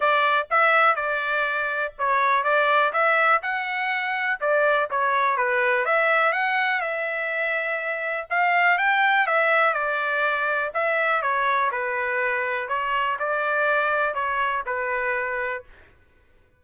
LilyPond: \new Staff \with { instrumentName = "trumpet" } { \time 4/4 \tempo 4 = 123 d''4 e''4 d''2 | cis''4 d''4 e''4 fis''4~ | fis''4 d''4 cis''4 b'4 | e''4 fis''4 e''2~ |
e''4 f''4 g''4 e''4 | d''2 e''4 cis''4 | b'2 cis''4 d''4~ | d''4 cis''4 b'2 | }